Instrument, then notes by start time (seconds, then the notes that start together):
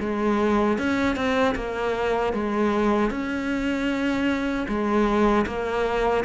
cello
0.00 G#3
0.78 C#4
1.16 C4
1.55 A#3
2.33 G#3
3.11 C#4
4.68 G#3
5.47 A#3